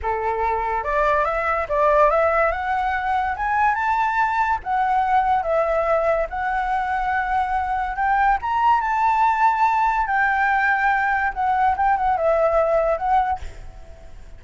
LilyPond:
\new Staff \with { instrumentName = "flute" } { \time 4/4 \tempo 4 = 143 a'2 d''4 e''4 | d''4 e''4 fis''2 | gis''4 a''2 fis''4~ | fis''4 e''2 fis''4~ |
fis''2. g''4 | ais''4 a''2. | g''2. fis''4 | g''8 fis''8 e''2 fis''4 | }